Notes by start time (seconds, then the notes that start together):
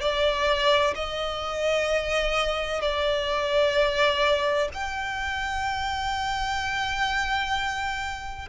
0.00 D5
0.95 D#5
2.81 D5
4.73 G5